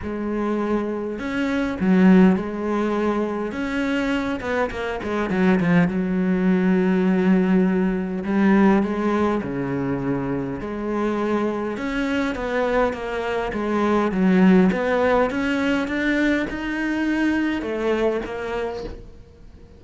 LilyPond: \new Staff \with { instrumentName = "cello" } { \time 4/4 \tempo 4 = 102 gis2 cis'4 fis4 | gis2 cis'4. b8 | ais8 gis8 fis8 f8 fis2~ | fis2 g4 gis4 |
cis2 gis2 | cis'4 b4 ais4 gis4 | fis4 b4 cis'4 d'4 | dis'2 a4 ais4 | }